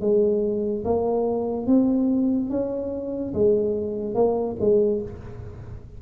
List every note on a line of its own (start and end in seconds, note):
0.00 0.83 G#3
0.84 1.66 A#3
1.66 2.50 C4
2.50 3.33 C#4
3.33 4.14 G#3
4.14 4.56 A#3
4.60 5.02 G#3